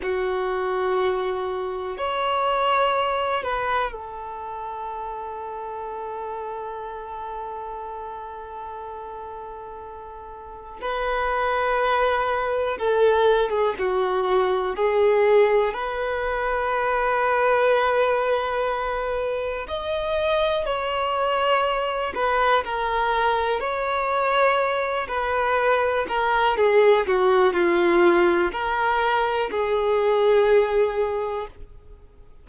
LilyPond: \new Staff \with { instrumentName = "violin" } { \time 4/4 \tempo 4 = 61 fis'2 cis''4. b'8 | a'1~ | a'2. b'4~ | b'4 a'8. gis'16 fis'4 gis'4 |
b'1 | dis''4 cis''4. b'8 ais'4 | cis''4. b'4 ais'8 gis'8 fis'8 | f'4 ais'4 gis'2 | }